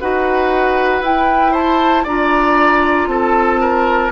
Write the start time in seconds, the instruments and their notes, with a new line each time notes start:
0.00 bassoon D#4, clarinet F#4, oboe B4, flute F#5
1.02 bassoon E4, clarinet E4, flute G5
1.52 oboe C5, flute A5
2.04 bassoon D4, clarinet F4, oboe D5, flute A#5
3.07 bassoon C4, oboe A4, flute A5
3.61 oboe A#4